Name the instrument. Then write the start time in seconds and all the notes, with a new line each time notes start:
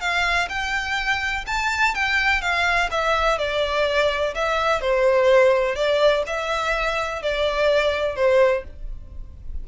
violin
0.00 F5
0.49 G5
1.46 A5
1.94 G5
2.41 F5
2.91 E5
3.38 D5
4.34 E5
4.81 C5
5.75 D5
6.26 E5
7.22 D5
8.16 C5